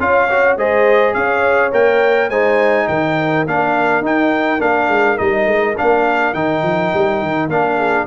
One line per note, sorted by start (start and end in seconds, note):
0.00 0.57 C#4
0.00 0.29 F4
0.00 0.58 C#5
0.00 0.58 F5
0.30 0.58 F#4
0.57 1.14 G#3
0.57 1.72 G#4
0.57 1.15 C5
0.57 1.14 D#5
1.14 1.72 C#4
1.14 2.31 C#5
1.14 1.72 F5
1.72 2.30 A#3
1.72 2.30 A#4
1.72 2.30 G5
2.30 2.87 G#3
2.30 3.47 D#4
2.30 2.88 C5
2.30 2.88 G#5
2.88 3.47 D#3
2.88 7.77 A#4
2.88 3.46 G5
3.47 4.01 A#3
3.47 4.03 D4
3.47 4.05 F5
4.01 4.59 D#4
4.01 4.61 G5
4.59 4.89 A#3
4.59 5.17 D4
4.59 5.18 F5
4.89 5.18 G#3
5.17 5.46 G3
5.17 5.75 D#4
5.17 5.76 D#5
5.46 5.75 G#3
5.78 6.34 A#3
5.78 6.35 D4
5.78 6.34 F5
6.34 6.63 D#3
6.34 7.50 D#4
6.34 7.50 G5
6.63 6.92 F3
6.94 7.22 G3
7.22 7.49 D#3
7.49 8.06 A#3
7.49 8.07 D4
7.49 8.07 F5
7.77 8.06 G#4